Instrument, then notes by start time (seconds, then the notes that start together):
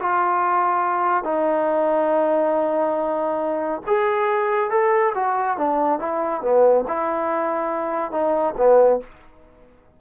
trombone
0.00 F4
1.24 D#4
3.87 G#4
4.71 A4
5.15 F#4
5.58 D4
6.00 E4
6.42 B3
6.88 E4
8.12 D#4
8.58 B3